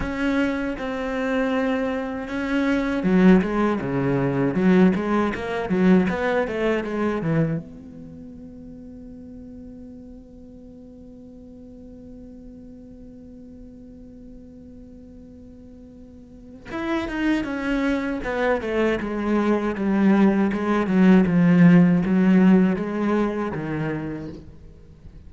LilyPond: \new Staff \with { instrumentName = "cello" } { \time 4/4 \tempo 4 = 79 cis'4 c'2 cis'4 | fis8 gis8 cis4 fis8 gis8 ais8 fis8 | b8 a8 gis8 e8 b2~ | b1~ |
b1~ | b2 e'8 dis'8 cis'4 | b8 a8 gis4 g4 gis8 fis8 | f4 fis4 gis4 dis4 | }